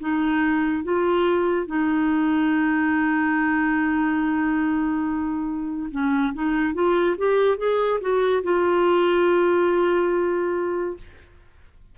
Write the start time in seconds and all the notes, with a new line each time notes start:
0.00 D#4
0.83 F4
1.67 D#4
5.91 C#4
6.34 D#4
6.74 F4
7.17 G4
7.57 G#4
8.01 F#4
8.43 F4